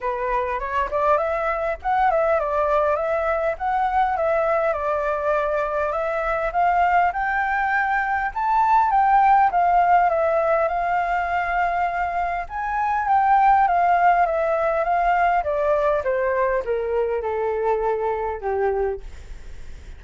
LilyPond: \new Staff \with { instrumentName = "flute" } { \time 4/4 \tempo 4 = 101 b'4 cis''8 d''8 e''4 fis''8 e''8 | d''4 e''4 fis''4 e''4 | d''2 e''4 f''4 | g''2 a''4 g''4 |
f''4 e''4 f''2~ | f''4 gis''4 g''4 f''4 | e''4 f''4 d''4 c''4 | ais'4 a'2 g'4 | }